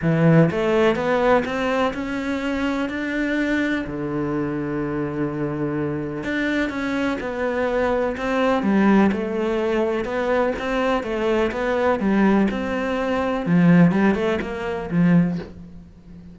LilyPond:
\new Staff \with { instrumentName = "cello" } { \time 4/4 \tempo 4 = 125 e4 a4 b4 c'4 | cis'2 d'2 | d1~ | d4 d'4 cis'4 b4~ |
b4 c'4 g4 a4~ | a4 b4 c'4 a4 | b4 g4 c'2 | f4 g8 a8 ais4 f4 | }